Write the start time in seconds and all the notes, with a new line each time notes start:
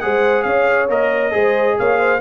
0.00 G#3 G#4 C5 F#5
0.42 C#4 C#5 F5
0.89 A#3 A#4 D#5
1.31 G#3 G#4 C5
1.78 A#3 C#5 F5
1.99 C5